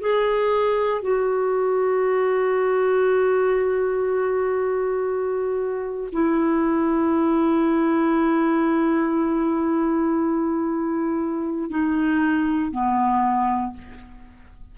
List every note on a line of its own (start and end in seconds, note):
0.00 1.01 G#4
1.01 6.10 F#4
6.12 11.70 E4
11.70 12.71 D#4
12.71 13.73 B3